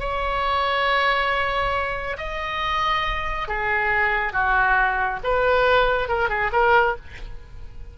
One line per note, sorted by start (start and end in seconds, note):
0.00 2.17 C#5
2.18 3.49 D#5
3.49 4.33 G#4
4.33 5.20 F#4
5.24 6.09 B4
6.09 6.30 A#4
6.30 6.51 G#4
6.53 6.96 A#4